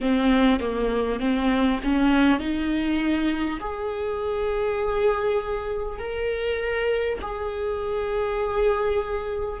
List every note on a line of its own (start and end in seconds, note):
0.00 0.59 C4
0.59 1.19 A#3
1.20 1.80 C4
1.83 2.39 C#4
2.39 3.59 D#4
3.60 5.98 G#4
5.98 7.18 A#4
7.21 9.60 G#4